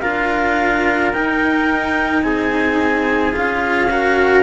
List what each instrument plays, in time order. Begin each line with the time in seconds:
0.00 cello D4 F4, trumpet A#4, clarinet F5
1.13 cello D#4, clarinet G5
2.23 cello C4, trumpet G#4, clarinet G#5
3.33 cello C#4 F4, clarinet F5
3.91 cello F#4, trumpet A#4